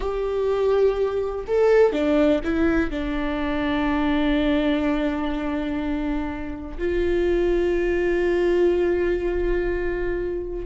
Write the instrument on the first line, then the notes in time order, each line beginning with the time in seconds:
viola
0.00 G4
1.47 A4
1.92 D4
2.43 E4
2.90 D4
6.78 F4